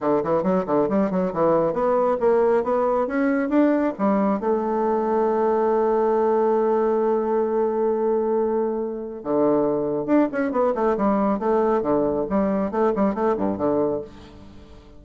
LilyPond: \new Staff \with { instrumentName = "bassoon" } { \time 4/4 \tempo 4 = 137 d8 e8 fis8 d8 g8 fis8 e4 | b4 ais4 b4 cis'4 | d'4 g4 a2~ | a1~ |
a1~ | a4 d2 d'8 cis'8 | b8 a8 g4 a4 d4 | g4 a8 g8 a8 g,8 d4 | }